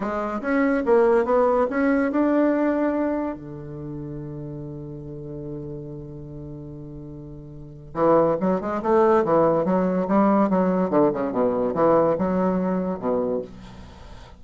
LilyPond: \new Staff \with { instrumentName = "bassoon" } { \time 4/4 \tempo 4 = 143 gis4 cis'4 ais4 b4 | cis'4 d'2. | d1~ | d1~ |
d2. e4 | fis8 gis8 a4 e4 fis4 | g4 fis4 d8 cis8 b,4 | e4 fis2 b,4 | }